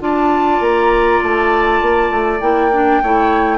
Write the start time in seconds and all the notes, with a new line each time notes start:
0.00 D4 F4 D5 A5
0.60 A#3 A#5
1.23 A3 A5
1.81 A#3
2.10 A3
2.40 A#3 E4 G5
2.73 D4
3.03 A3 E4 C#5